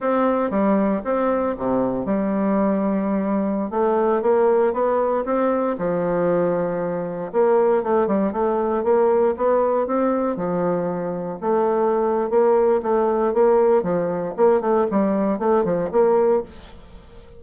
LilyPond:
\new Staff \with { instrumentName = "bassoon" } { \time 4/4 \tempo 4 = 117 c'4 g4 c'4 c4 | g2.~ g16 a8.~ | a16 ais4 b4 c'4 f8.~ | f2~ f16 ais4 a8 g16~ |
g16 a4 ais4 b4 c'8.~ | c'16 f2 a4.~ a16 | ais4 a4 ais4 f4 | ais8 a8 g4 a8 f8 ais4 | }